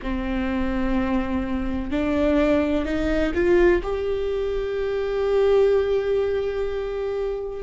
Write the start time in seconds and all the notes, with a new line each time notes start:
0.02 C4
1.90 D4
2.85 D#4
3.34 F4
3.83 G4